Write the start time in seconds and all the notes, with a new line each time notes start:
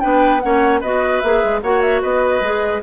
0.00 B3 D4 B4 G5
0.40 A#3 C#4 C#5 F#5
0.80 B3 F#4 B4 D#5
1.20 A#3 G#4 E5
1.44 G#3
1.63 A#3 F#4 C#5 F#5
1.82 E5
2.02 B3 B4 D#5
2.41 G#3 G#4